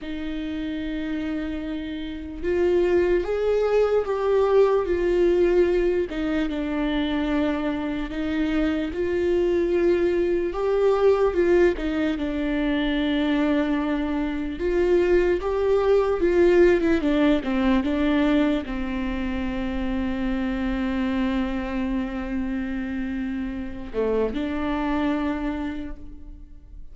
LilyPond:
\new Staff \with { instrumentName = "viola" } { \time 4/4 \tempo 4 = 74 dis'2. f'4 | gis'4 g'4 f'4. dis'8 | d'2 dis'4 f'4~ | f'4 g'4 f'8 dis'8 d'4~ |
d'2 f'4 g'4 | f'8. e'16 d'8 c'8 d'4 c'4~ | c'1~ | c'4. a8 d'2 | }